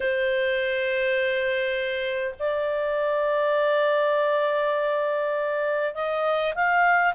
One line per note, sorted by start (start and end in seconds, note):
0.00 2.34 C5
2.39 5.94 D5
5.94 6.53 D#5
6.54 7.14 F5